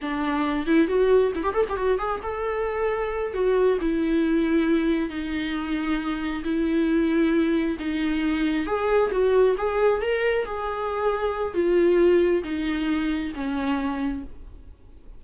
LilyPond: \new Staff \with { instrumentName = "viola" } { \time 4/4 \tempo 4 = 135 d'4. e'8 fis'4 e'16 g'16 a'16 g'16 | fis'8 gis'8 a'2~ a'8 fis'8~ | fis'8 e'2. dis'8~ | dis'2~ dis'8 e'4.~ |
e'4. dis'2 gis'8~ | gis'8 fis'4 gis'4 ais'4 gis'8~ | gis'2 f'2 | dis'2 cis'2 | }